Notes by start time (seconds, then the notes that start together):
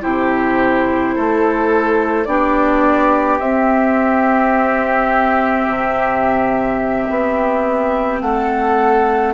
0.00 C3 E4 G4 C5
1.15 A3 A4
2.24 B3 D4 G4 D5
3.38 C4 E5
5.67 C3
7.10 B3
8.21 A3 A4 F#5